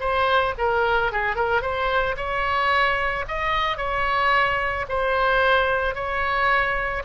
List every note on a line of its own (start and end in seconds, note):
0.00 0.54 C5
0.58 1.12 A#4
1.12 1.36 G#4
1.36 1.62 A#4
1.62 2.16 C5
2.17 3.25 C#5
3.28 3.77 D#5
3.77 4.86 C#5
4.89 5.95 C5
5.95 7.03 C#5